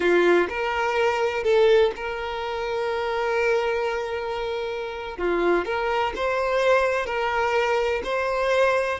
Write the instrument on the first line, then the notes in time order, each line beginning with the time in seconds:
violin
0.00 F4
0.49 A#4
1.43 A4
1.96 A#4
5.17 F4
5.65 A#4
6.15 C5
7.06 A#4
8.04 C5